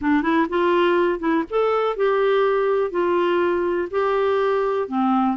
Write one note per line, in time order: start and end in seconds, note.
0.01 0.22 D4
0.22 0.47 E4
0.49 1.19 F4
1.19 1.43 E4
1.50 1.96 A4
1.96 2.90 G4
2.90 3.88 F4
3.90 4.88 G4
4.88 5.36 C4